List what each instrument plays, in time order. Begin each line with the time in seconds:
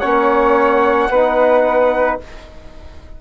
0.00 bassoon A#3, trombone C#4, flute C#5, trumpet F#5
1.09 bassoon B3, trombone D#4, flute B4